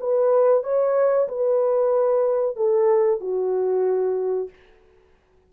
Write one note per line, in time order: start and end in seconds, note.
0.00 0.63 B4
0.63 1.28 C#5
1.28 2.56 B4
2.56 3.20 A4
3.20 4.49 F#4